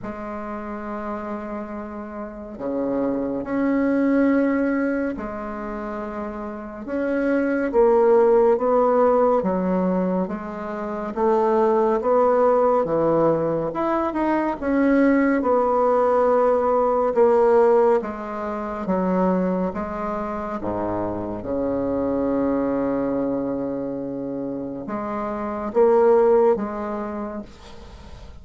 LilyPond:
\new Staff \with { instrumentName = "bassoon" } { \time 4/4 \tempo 4 = 70 gis2. cis4 | cis'2 gis2 | cis'4 ais4 b4 fis4 | gis4 a4 b4 e4 |
e'8 dis'8 cis'4 b2 | ais4 gis4 fis4 gis4 | gis,4 cis2.~ | cis4 gis4 ais4 gis4 | }